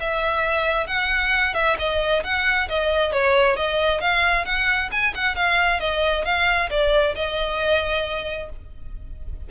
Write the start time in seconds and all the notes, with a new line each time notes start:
0.00 E5
0.87 F#5
1.54 E5
1.79 D#5
2.24 F#5
2.69 D#5
3.13 C#5
3.57 D#5
4.01 F5
4.45 F#5
4.92 G#5
5.15 F#5
5.35 F5
5.80 D#5
6.25 F5
6.70 D5
7.15 D#5